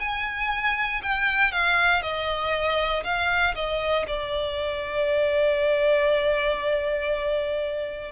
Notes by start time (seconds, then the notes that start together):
0.00 G#5
1.03 G5
1.52 F5
2.02 D#5
3.04 F5
3.55 D#5
4.08 D5